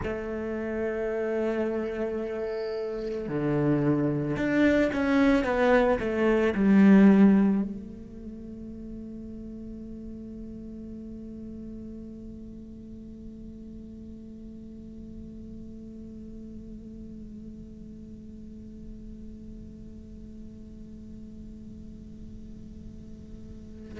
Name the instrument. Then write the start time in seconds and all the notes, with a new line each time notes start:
cello
0.03 A3
3.28 D3
4.36 D4
4.92 C#4
5.44 B3
5.99 A3
6.55 G3
7.62 A3